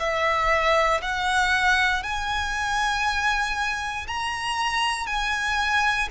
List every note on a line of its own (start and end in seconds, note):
0.00 1.02 E5
1.02 2.03 F#5
2.03 4.07 G#5
4.08 5.07 A#5
5.07 6.09 G#5